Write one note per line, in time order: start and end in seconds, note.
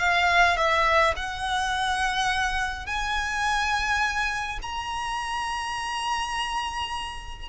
0.00 0.57 F5
0.57 1.15 E5
1.16 2.86 F#5
2.86 4.59 G#5
4.63 7.49 A#5